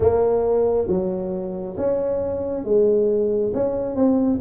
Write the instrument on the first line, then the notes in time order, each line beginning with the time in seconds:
tuba
0.00 A#3
0.87 F#3
1.77 C#4
2.64 G#3
3.53 C#4
3.95 C4